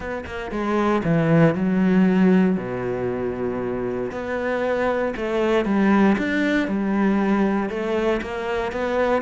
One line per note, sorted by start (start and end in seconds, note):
0.00 0.24 B3
0.25 0.51 A#3
0.51 1.02 G#3
1.03 1.55 E3
1.55 2.57 F#3
2.57 4.11 B2
4.11 5.14 B3
5.16 5.65 A3
5.65 6.16 G3
6.18 6.67 D4
6.67 7.69 G3
7.69 8.20 A3
8.21 8.72 A#3
8.72 9.22 B3